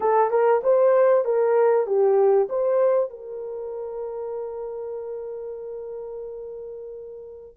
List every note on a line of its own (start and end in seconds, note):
0.00 0.30 A4
0.30 0.61 A#4
0.63 1.25 C5
1.25 1.86 A#4
1.86 2.48 G4
2.49 3.10 C5
3.10 7.56 A#4